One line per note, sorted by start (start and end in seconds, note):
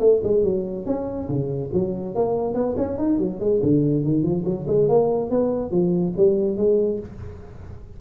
0.00 0.21 A3
0.24 0.44 G#3
0.44 0.86 F#3
0.86 1.28 C#4
1.29 1.71 C#3
1.73 2.15 F#3
2.15 2.55 A#3
2.55 2.76 B3
2.77 2.98 C#4
2.98 3.19 D#4
3.19 3.40 F#3
3.40 3.61 G#3
3.63 4.04 D3
4.04 4.23 D#3
4.23 4.44 F3
4.45 4.67 F#3
4.68 4.89 G#3
4.89 5.30 A#3
5.30 5.71 B3
5.71 6.14 F3
6.17 6.57 G3
6.57 7.00 G#3